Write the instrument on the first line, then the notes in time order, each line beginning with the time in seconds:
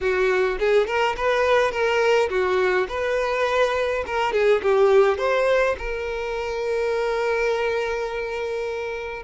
violin
0.00 F#4
0.59 G#4
0.86 A#4
1.16 B4
1.71 A#4
2.29 F#4
2.88 B4
4.06 A#4
4.32 G#4
4.62 G4
5.18 C5
5.78 A#4